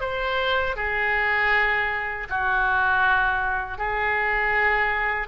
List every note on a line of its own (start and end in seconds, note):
0.00 0.76 C5
0.76 2.28 G#4
2.29 3.77 F#4
3.77 5.27 G#4